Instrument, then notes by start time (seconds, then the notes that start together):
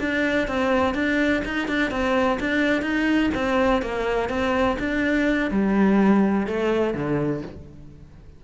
cello
0.00 D4
0.48 C4
0.94 D4
1.45 D#4
1.68 D4
1.91 C4
2.40 D4
2.82 D#4
3.34 C4
3.82 A#3
4.29 C4
4.79 D4
5.50 G3
6.46 A3
6.94 D3